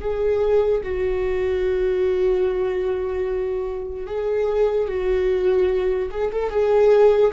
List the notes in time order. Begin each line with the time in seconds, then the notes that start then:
0.00 G#4
0.83 F#4
4.07 G#4
4.88 F#4
6.10 G#4
6.31 A4
6.50 G#4